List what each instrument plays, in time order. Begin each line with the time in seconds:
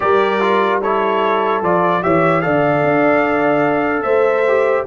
0.00 tuba G3, trombone G4, horn A#4, trumpet D5
0.41 trombone F4
0.81 trombone E4, horn A4, trumpet C#5
1.61 tuba F3, trombone F4, trumpet D5
2.02 tuba E3, trombone G4, horn C#5, trumpet E5
2.41 tuba D3, trombone A4, horn D5, trumpet F5
2.83 tuba D4
4.02 tuba A3, horn C5, trumpet E5
4.48 trombone G4